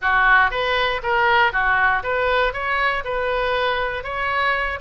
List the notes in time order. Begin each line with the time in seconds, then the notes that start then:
0.01 F#4
0.50 B4
1.02 A#4
1.52 F#4
2.03 B4
2.53 C#5
3.04 B4
4.03 C#5